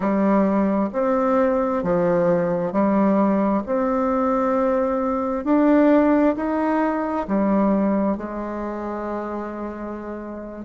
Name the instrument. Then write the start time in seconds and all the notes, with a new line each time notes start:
bassoon
0.00 G3
0.92 C4
1.83 F3
2.72 G3
3.66 C4
5.44 D4
6.36 D#4
7.27 G3
8.17 G#3